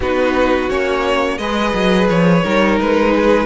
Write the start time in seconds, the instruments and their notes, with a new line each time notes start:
0.00 cello B3, viola D#4, violin F#4 B4
0.69 cello A#3, viola C#4, violin C#5
1.38 cello G#3, viola G#4, violin B4 D#5
1.73 cello F#3
2.08 cello F3, violin C#5
2.44 cello G3, viola D#4, violin A#4
2.80 cello G#3, violin B4
3.15 violin G#4